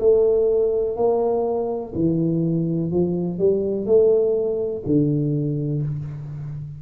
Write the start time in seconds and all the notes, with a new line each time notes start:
0.00 A3
0.97 A#3
1.95 E3
2.91 F3
3.39 G3
3.86 A3
4.86 D3